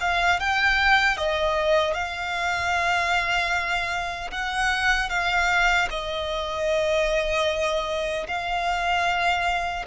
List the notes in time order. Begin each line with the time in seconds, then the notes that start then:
0.00 F5
0.39 G5
1.17 D#5
1.93 F5
4.31 F#5
5.09 F5
5.90 D#5
8.27 F5